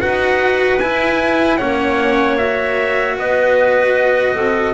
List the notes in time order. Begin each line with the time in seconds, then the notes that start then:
0.00 D#4 F#4 B4 F#5
0.79 E4 G#5
1.57 A#3 C#4 C#5 F#5
2.37 F#4 E5
3.17 B3 B4 D#5
4.35 C4 A4